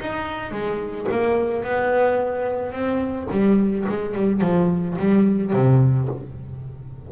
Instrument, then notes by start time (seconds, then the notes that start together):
double bass
0.00 D#4
0.51 G#3
1.11 A#3
1.64 B3
2.72 C4
3.31 G3
3.88 G#3
4.15 G3
4.41 F3
4.99 G3
5.53 C3